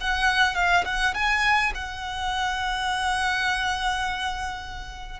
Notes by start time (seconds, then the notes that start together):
0.00 F#5
0.55 F5
0.85 F#5
1.14 G#5
1.74 F#5